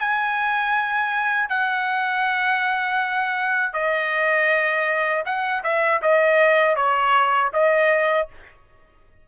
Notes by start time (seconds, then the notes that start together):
0.00 G#5
1.50 F#5
3.74 D#5
5.26 F#5
5.64 E5
6.02 D#5
6.76 C#5
7.53 D#5